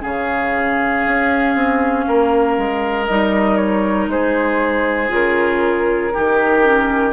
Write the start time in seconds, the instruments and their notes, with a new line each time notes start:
0.00 bassoon C#3, clarinet C#4, oboe G#4, flute F5
1.06 bassoon C#4
1.55 bassoon C4
2.07 bassoon A#3, oboe A#4
2.57 bassoon G#3
3.06 bassoon G3, clarinet D#4, flute D#5
3.56 flute C#5
4.08 bassoon G#3, oboe G#4, flute C5
5.08 bassoon C#3, clarinet F4, flute A#4
6.13 bassoon D#3, clarinet D#4, oboe G4
6.63 clarinet C#4